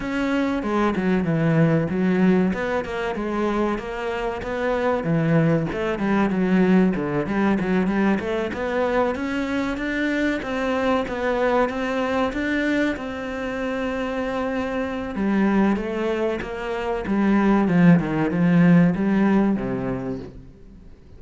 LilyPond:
\new Staff \with { instrumentName = "cello" } { \time 4/4 \tempo 4 = 95 cis'4 gis8 fis8 e4 fis4 | b8 ais8 gis4 ais4 b4 | e4 a8 g8 fis4 d8 g8 | fis8 g8 a8 b4 cis'4 d'8~ |
d'8 c'4 b4 c'4 d'8~ | d'8 c'2.~ c'8 | g4 a4 ais4 g4 | f8 dis8 f4 g4 c4 | }